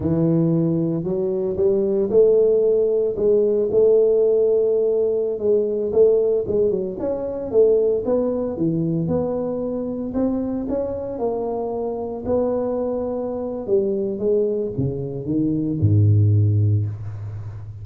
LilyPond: \new Staff \with { instrumentName = "tuba" } { \time 4/4 \tempo 4 = 114 e2 fis4 g4 | a2 gis4 a4~ | a2~ a16 gis4 a8.~ | a16 gis8 fis8 cis'4 a4 b8.~ |
b16 e4 b2 c'8.~ | c'16 cis'4 ais2 b8.~ | b2 g4 gis4 | cis4 dis4 gis,2 | }